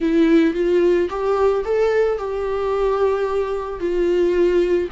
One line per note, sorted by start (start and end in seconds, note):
0.00 0.54 E4
0.54 1.08 F4
1.09 1.64 G4
1.65 2.17 A4
2.17 3.80 G4
3.80 4.89 F4